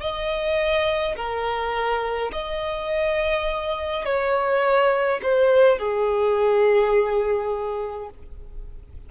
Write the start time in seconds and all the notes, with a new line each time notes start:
0.00 D#5
1.16 A#4
2.32 D#5
4.05 C#5
5.22 C5
5.79 G#4